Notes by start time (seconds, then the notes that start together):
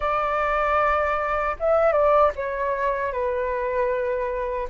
0.00 D5
1.59 E5
1.92 D5
2.35 C#5
3.12 B4